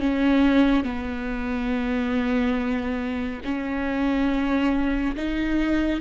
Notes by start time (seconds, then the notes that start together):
0.00 C#4
0.84 B3
3.44 C#4
5.16 D#4